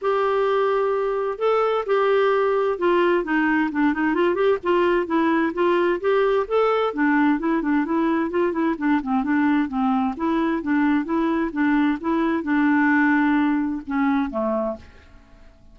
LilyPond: \new Staff \with { instrumentName = "clarinet" } { \time 4/4 \tempo 4 = 130 g'2. a'4 | g'2 f'4 dis'4 | d'8 dis'8 f'8 g'8 f'4 e'4 | f'4 g'4 a'4 d'4 |
e'8 d'8 e'4 f'8 e'8 d'8 c'8 | d'4 c'4 e'4 d'4 | e'4 d'4 e'4 d'4~ | d'2 cis'4 a4 | }